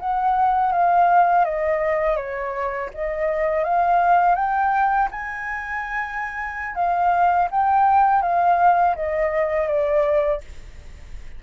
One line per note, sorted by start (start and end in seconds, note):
0.00 0.73 F#5
0.73 1.45 F5
1.45 2.17 D#5
2.17 2.90 C#5
2.94 3.65 D#5
3.65 4.36 F5
4.36 5.09 G5
5.12 6.76 G#5
6.76 7.49 F5
7.51 8.23 G5
8.23 8.96 F5
8.96 9.68 D#5
9.68 10.41 D5